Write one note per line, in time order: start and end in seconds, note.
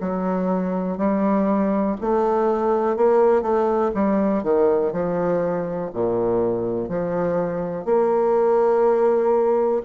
0.00 0.97 F#3
0.97 1.96 G3
2.00 2.96 A3
2.96 3.42 A#3
3.42 3.91 A3
3.94 4.43 G3
4.43 4.92 D#3
4.92 5.91 F3
5.93 6.89 A#2
6.89 7.85 F3
7.85 9.82 A#3